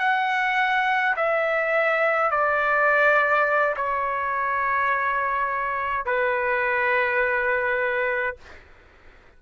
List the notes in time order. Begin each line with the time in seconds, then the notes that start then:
0.00 F#5
1.17 E5
2.31 D5
3.77 C#5
6.06 B4